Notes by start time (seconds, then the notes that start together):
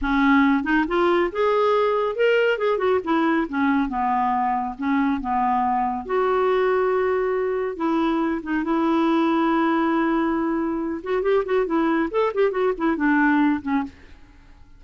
0.01 C#4
0.63 D#4
0.87 F4
1.32 G#4
2.15 A#4
2.58 G#4
2.78 F#4
3.04 E4
3.48 C#4
3.88 B3
4.78 C#4
5.20 B3
6.05 F#4
7.76 E4
8.43 D#4
8.64 E4
11.03 F#4
11.22 G4
11.45 F#4
11.66 E4
12.10 A4
12.34 G4
12.51 F#4
12.77 E4
12.96 D4
13.62 C#4